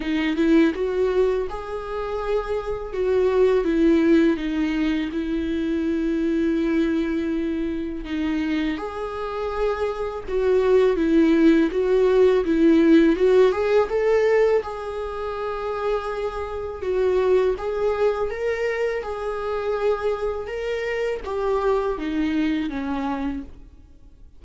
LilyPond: \new Staff \with { instrumentName = "viola" } { \time 4/4 \tempo 4 = 82 dis'8 e'8 fis'4 gis'2 | fis'4 e'4 dis'4 e'4~ | e'2. dis'4 | gis'2 fis'4 e'4 |
fis'4 e'4 fis'8 gis'8 a'4 | gis'2. fis'4 | gis'4 ais'4 gis'2 | ais'4 g'4 dis'4 cis'4 | }